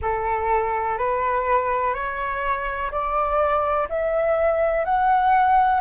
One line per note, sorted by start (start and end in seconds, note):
0.01 0.98 A4
0.98 1.94 B4
1.94 2.90 C#5
2.91 3.88 D5
3.89 4.84 E5
4.84 5.80 F#5